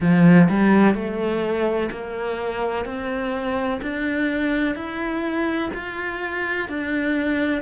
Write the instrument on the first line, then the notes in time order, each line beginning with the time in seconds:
cello
0.00 F3
0.49 G3
0.94 A3
1.91 A#3
2.85 C4
3.82 D4
4.75 E4
5.73 F4
6.68 D4